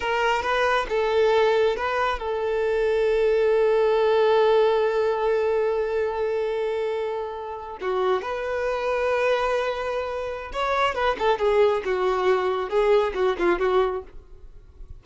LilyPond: \new Staff \with { instrumentName = "violin" } { \time 4/4 \tempo 4 = 137 ais'4 b'4 a'2 | b'4 a'2.~ | a'1~ | a'1~ |
a'4.~ a'16 fis'4 b'4~ b'16~ | b'1 | cis''4 b'8 a'8 gis'4 fis'4~ | fis'4 gis'4 fis'8 f'8 fis'4 | }